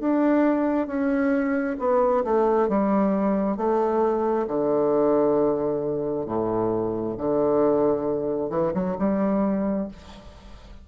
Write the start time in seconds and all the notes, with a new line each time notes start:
0.00 D4
0.87 C#4
1.79 B3
2.24 A3
2.69 G3
3.57 A3
4.47 D3
6.26 A2
7.17 D3
8.50 E3
8.74 F#3
8.99 G3